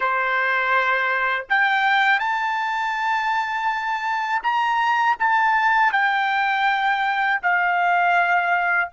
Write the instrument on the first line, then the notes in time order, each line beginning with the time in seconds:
trumpet
0.00 C5
1.49 G5
2.19 A5
4.42 A#5
5.19 A5
5.92 G5
7.42 F5